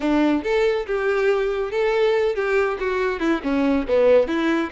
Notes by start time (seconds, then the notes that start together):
0.00 D4
0.43 A4
0.86 G4
1.71 A4
2.35 G4
2.79 F#4
3.19 E4
3.43 C#4
3.87 B3
4.27 E4